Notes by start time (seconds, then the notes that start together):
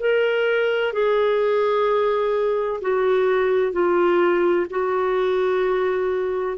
0.00 A#4
0.93 G#4
2.82 F#4
3.73 F4
4.70 F#4